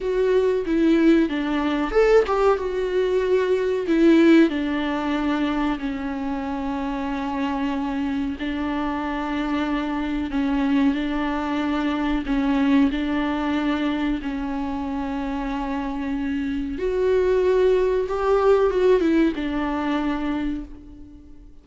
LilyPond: \new Staff \with { instrumentName = "viola" } { \time 4/4 \tempo 4 = 93 fis'4 e'4 d'4 a'8 g'8 | fis'2 e'4 d'4~ | d'4 cis'2.~ | cis'4 d'2. |
cis'4 d'2 cis'4 | d'2 cis'2~ | cis'2 fis'2 | g'4 fis'8 e'8 d'2 | }